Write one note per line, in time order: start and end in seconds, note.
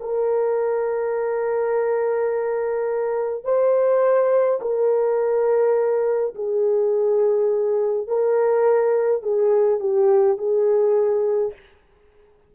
0.00 3.45 A#4
3.45 4.60 C5
4.62 6.35 A#4
6.35 8.08 G#4
8.08 9.23 A#4
9.23 9.80 G#4
9.80 10.38 G4
10.38 11.53 G#4